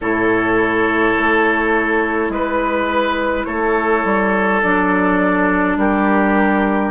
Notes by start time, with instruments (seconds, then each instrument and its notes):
0.01 bassoon A2, clarinet E4, oboe A4, flute C#5
1.17 bassoon A3
2.29 bassoon G#3, flute B4, oboe B4
3.45 bassoon A3, oboe A4, flute C#5
4.04 bassoon G3
4.62 bassoon F#3, clarinet D4, flute D5
5.76 bassoon G3, oboe G4, flute A#4